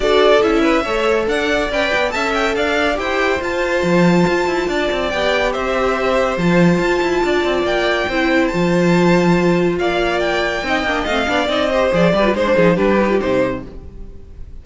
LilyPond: <<
  \new Staff \with { instrumentName = "violin" } { \time 4/4 \tempo 4 = 141 d''4 e''2 fis''4 | g''4 a''8 g''8 f''4 g''4 | a''1 | g''4 e''2 a''4~ |
a''2 g''2 | a''2. f''4 | g''2 f''4 dis''4 | d''4 c''4 b'4 c''4 | }
  \new Staff \with { instrumentName = "violin" } { \time 4/4 a'4. b'8 cis''4 d''4~ | d''4 e''4 d''4 c''4~ | c''2. d''4~ | d''4 c''2.~ |
c''4 d''2 c''4~ | c''2. d''4~ | d''4 dis''4. d''4 c''8~ | c''8 b'8 c''8 gis'8 g'2 | }
  \new Staff \with { instrumentName = "viola" } { \time 4/4 fis'4 e'4 a'2 | b'4 a'2 g'4 | f'1 | g'2. f'4~ |
f'2. e'4 | f'1~ | f'4 dis'8 d'8 c'8 d'8 dis'8 g'8 | gis'8 g'16 f'16 dis'16 d'16 dis'8 d'8 dis'16 f'16 dis'4 | }
  \new Staff \with { instrumentName = "cello" } { \time 4/4 d'4 cis'4 a4 d'4 | cis'8 b8 cis'4 d'4 e'4 | f'4 f4 f'8 e'8 d'8 c'8 | b4 c'2 f4 |
f'8 e'8 d'8 c'8 ais4 c'4 | f2. ais4~ | ais4 c'8 ais8 a8 b8 c'4 | f8 g8 gis8 f8 g4 c4 | }
>>